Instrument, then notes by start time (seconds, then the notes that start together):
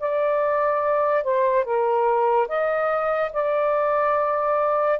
saxophone
0.00 D5
1.24 C5
1.64 A#4
2.48 D#5
3.33 D5